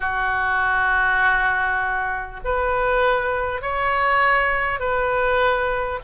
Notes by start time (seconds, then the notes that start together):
0.00 F#4
2.44 B4
3.61 C#5
4.79 B4